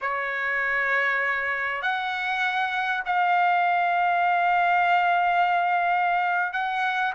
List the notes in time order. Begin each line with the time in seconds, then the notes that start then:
0.01 C#5
1.82 F#5
3.05 F5
6.52 F#5